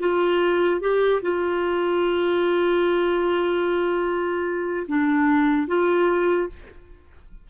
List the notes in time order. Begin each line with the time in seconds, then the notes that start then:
0.00 F4
0.81 G4
1.22 F4
4.88 D4
5.68 F4